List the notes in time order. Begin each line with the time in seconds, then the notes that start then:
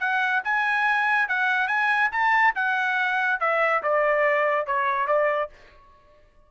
0.00 F#5
0.44 G#5
1.28 F#5
1.68 G#5
2.12 A5
2.55 F#5
3.40 E5
3.83 D5
4.66 C#5
5.07 D5